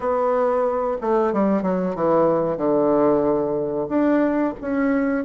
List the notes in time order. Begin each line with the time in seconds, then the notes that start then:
0.00 B3
1.01 A3
1.33 G3
1.62 F#3
1.95 E3
2.57 D3
3.88 D4
4.61 C#4